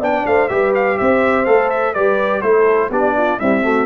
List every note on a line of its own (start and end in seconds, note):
0.00 0.24 B3
0.00 0.49 D4
0.00 0.24 D5
0.00 0.26 G5
0.26 0.50 A3
0.26 0.50 C5
0.26 0.48 F5
0.48 0.99 G3
0.48 1.46 G4
0.48 0.98 B4
0.48 0.72 E5
0.74 0.98 F5
0.98 1.47 C4
0.98 1.94 C5
0.98 1.45 E5
1.45 1.96 A3
1.45 1.94 A4
1.45 1.69 F5
1.70 1.94 E5
1.94 2.42 G3
1.94 2.43 G4
1.94 2.43 B4
1.94 2.41 D5
2.41 2.90 A3
2.41 2.91 E4
2.41 2.90 A4
2.41 2.90 C5
2.90 3.38 B3
2.90 3.40 D4
2.90 3.14 G4
2.90 3.39 D5
3.17 3.37 F4
3.37 3.62 G3
3.37 3.86 C4
3.37 3.62 E4
3.37 3.86 E5
3.62 3.86 A3
3.62 3.86 F#4